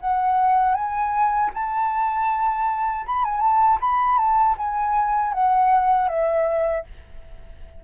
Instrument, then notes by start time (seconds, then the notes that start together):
flute
0.00 F#5
0.75 G#5
1.54 A5
3.06 B5
3.24 G#5
3.40 A5
3.80 B5
4.17 A5
4.57 G#5
5.33 F#5
6.08 E5